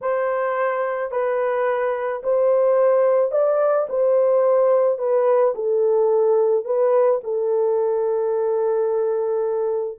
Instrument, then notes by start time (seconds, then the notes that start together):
horn
0.01 C5
1.11 B4
2.23 C5
3.31 D5
3.89 C5
4.98 B4
5.55 A4
6.64 B4
7.23 A4